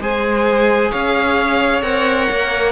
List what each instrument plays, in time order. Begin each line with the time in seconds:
0.00 cello G#3, viola G#4, violin C5 G#5
0.91 cello C#4, violin C#5 F5
1.82 cello C4, viola A#4, violin F#5
2.30 cello A#3